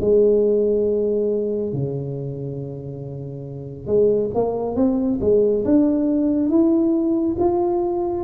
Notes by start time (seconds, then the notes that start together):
0.00 G#3
1.73 C#3
3.87 G#3
4.34 A#3
4.75 C4
5.21 G#3
5.64 D4
6.49 E4
7.38 F4